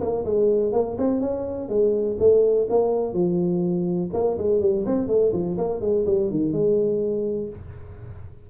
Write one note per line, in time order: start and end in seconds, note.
0.00 0.24 A#3
0.24 0.72 G#3
0.72 0.96 A#3
0.98 1.20 C4
1.20 1.68 C#4
1.68 2.17 G#3
2.19 2.67 A3
2.69 3.13 A#3
3.13 4.10 F3
4.13 4.37 A#3
4.37 4.61 G#3
4.61 4.85 G3
4.86 5.07 C4
5.07 5.32 A3
5.32 5.57 F3
5.57 5.80 A#3
5.80 6.05 G#3
6.06 6.30 G3
6.30 6.52 D#3
6.52 7.49 G#3